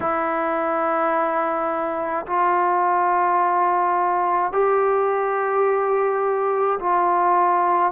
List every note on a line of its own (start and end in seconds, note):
0.00 2.25 E4
2.26 4.52 F4
4.52 6.78 G4
6.79 7.92 F4